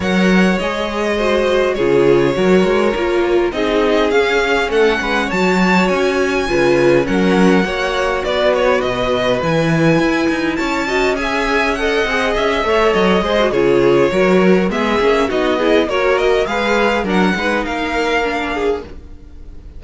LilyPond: <<
  \new Staff \with { instrumentName = "violin" } { \time 4/4 \tempo 4 = 102 fis''4 dis''2 cis''4~ | cis''2 dis''4 f''4 | fis''4 a''4 gis''2 | fis''2 d''8 cis''8 dis''4 |
gis''2 a''4 gis''4 | fis''4 e''4 dis''4 cis''4~ | cis''4 e''4 dis''4 cis''8 dis''8 | f''4 fis''4 f''2 | }
  \new Staff \with { instrumentName = "violin" } { \time 4/4 cis''2 c''4 gis'4 | ais'2 gis'2 | a'8 b'8 cis''2 b'4 | ais'4 cis''4 b'2~ |
b'2 cis''8 dis''8 e''4 | dis''4. cis''4 c''8 gis'4 | ais'4 gis'4 fis'8 gis'8 ais'4 | b'4 ais'8 b'8 ais'4. gis'8 | }
  \new Staff \with { instrumentName = "viola" } { \time 4/4 ais'4 gis'4 fis'4 f'4 | fis'4 f'4 dis'4 cis'4~ | cis'4 fis'2 f'4 | cis'4 fis'2. |
e'2~ e'8 fis'8 gis'4 | a'8 gis'4 a'4 gis'16 fis'16 f'4 | fis'4 b8 cis'8 dis'8 e'8 fis'4 | gis'4 d'8 dis'4. d'4 | }
  \new Staff \with { instrumentName = "cello" } { \time 4/4 fis4 gis2 cis4 | fis8 gis8 ais4 c'4 cis'4 | a8 gis8 fis4 cis'4 cis4 | fis4 ais4 b4 b,4 |
e4 e'8 dis'8 cis'2~ | cis'8 c'8 cis'8 a8 fis8 gis8 cis4 | fis4 gis8 ais8 b4 ais4 | gis4 fis8 gis8 ais2 | }
>>